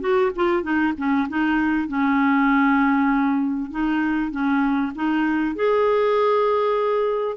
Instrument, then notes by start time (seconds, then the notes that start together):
clarinet
0.00 F#4
0.35 F4
0.62 D#4
0.97 C#4
1.28 D#4
1.88 C#4
3.70 D#4
4.31 C#4
4.95 D#4
5.55 G#4